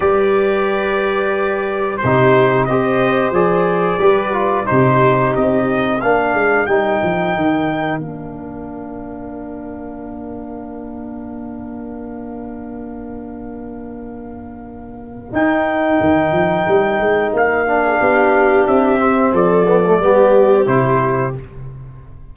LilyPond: <<
  \new Staff \with { instrumentName = "trumpet" } { \time 4/4 \tempo 4 = 90 d''2. c''4 | dis''4 d''2 c''4 | dis''4 f''4 g''2 | f''1~ |
f''1~ | f''2. g''4~ | g''2 f''2 | e''4 d''2 c''4 | }
  \new Staff \with { instrumentName = "viola" } { \time 4/4 b'2. g'4 | c''2 b'4 g'4~ | g'4 ais'2.~ | ais'1~ |
ais'1~ | ais'1~ | ais'2~ ais'8. gis'16 g'4~ | g'4 a'4 g'2 | }
  \new Staff \with { instrumentName = "trombone" } { \time 4/4 g'2. dis'4 | g'4 gis'4 g'8 f'8 dis'4~ | dis'4 d'4 dis'2 | d'1~ |
d'1~ | d'2. dis'4~ | dis'2~ dis'8 d'4.~ | d'8 c'4 b16 a16 b4 e'4 | }
  \new Staff \with { instrumentName = "tuba" } { \time 4/4 g2. c4 | c'4 f4 g4 c4 | c'4 ais8 gis8 g8 f8 dis4 | ais1~ |
ais1~ | ais2. dis'4 | dis8 f8 g8 gis8 ais4 b4 | c'4 f4 g4 c4 | }
>>